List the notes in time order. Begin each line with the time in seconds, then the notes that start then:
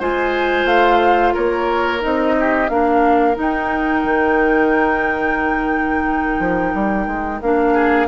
0.00 G#3 F4 C5 G#5
0.65 A3 F5
1.34 A#3 A#4 C#5
2.00 C4 D#4 D#5
2.40 G4
2.69 A#3 D4 A#4 F5
3.35 D#4
3.41 G5
4.04 D#3
6.40 F3
6.74 G3
7.07 G#3
7.42 A#3 D4 F5
7.74 G#4